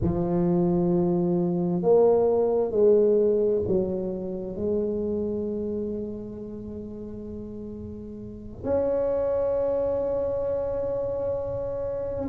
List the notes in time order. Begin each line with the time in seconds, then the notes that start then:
0.01 F3
1.82 A#3
2.71 G#3
3.67 F#3
4.55 G#3
8.64 C#4